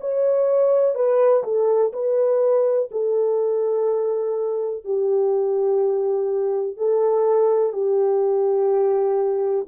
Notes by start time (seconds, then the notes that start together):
0.00 C#5
0.95 B4
1.43 A4
1.93 B4
2.91 A4
4.84 G4
6.77 A4
7.72 G4